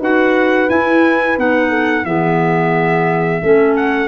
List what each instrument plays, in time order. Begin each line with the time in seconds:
0.00 tuba D#4, clarinet F#4, horn B4, trumpet F#5
0.68 clarinet E4, tuba E4, trumpet G#5
1.36 tuba B3, clarinet D#4, trumpet F#5
1.70 horn A4
2.05 tuba E3, clarinet B3, horn G#4, trumpet E5
3.41 tuba A3, clarinet C#4, horn A4
3.76 trumpet F#5